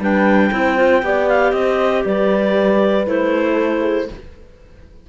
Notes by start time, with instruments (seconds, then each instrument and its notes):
0.00 cello G3, clarinet D4 G5, horn B4
0.52 cello C4, clarinet E4, horn C5
0.77 clarinet F4
1.03 cello B3, clarinet G4, horn D5
1.29 clarinet F5
1.52 cello C4, horn C5, clarinet D#5
2.05 cello G3, horn B4, clarinet D5
3.07 cello A3, clarinet E4 C5
3.53 horn A4
3.81 horn G#4